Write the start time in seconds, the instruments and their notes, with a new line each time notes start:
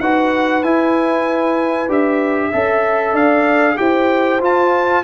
0.00 tuba D#4, trombone F#4, horn B4, trumpet F#5
0.63 tuba E4, trombone E4, trumpet G#5
1.89 tuba D4, trombone G4, trumpet E5
2.51 tuba C#4, trombone A4, horn E5
3.14 tuba D4, horn D5, trumpet F5
3.77 tuba E4, trombone G4, horn C5, trumpet G5
4.41 trombone F4, tuba F4, trumpet A5